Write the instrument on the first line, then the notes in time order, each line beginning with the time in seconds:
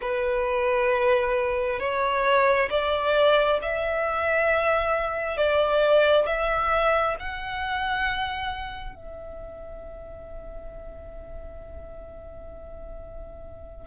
violin
0.01 B4
1.79 C#5
2.70 D5
3.62 E5
5.37 D5
6.26 E5
7.19 F#5
8.95 E5